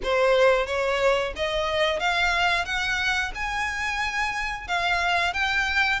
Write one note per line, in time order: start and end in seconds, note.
0.03 0.66 C5
0.66 1.33 C#5
1.35 1.99 D#5
1.99 2.65 F5
2.65 3.32 F#5
3.34 4.67 G#5
4.67 5.33 F5
5.33 6.00 G5